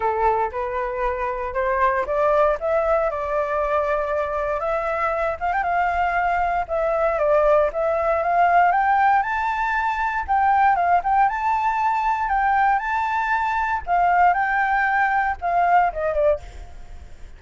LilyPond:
\new Staff \with { instrumentName = "flute" } { \time 4/4 \tempo 4 = 117 a'4 b'2 c''4 | d''4 e''4 d''2~ | d''4 e''4. f''16 g''16 f''4~ | f''4 e''4 d''4 e''4 |
f''4 g''4 a''2 | g''4 f''8 g''8 a''2 | g''4 a''2 f''4 | g''2 f''4 dis''8 d''8 | }